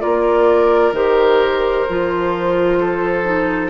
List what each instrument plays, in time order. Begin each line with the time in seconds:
0.00 bassoon A#3, clarinet F4, oboe A#4, flute D5
0.92 bassoon D#3, clarinet G4, flute C5
1.89 bassoon F3, clarinet F4
2.79 oboe A4
3.24 clarinet D#4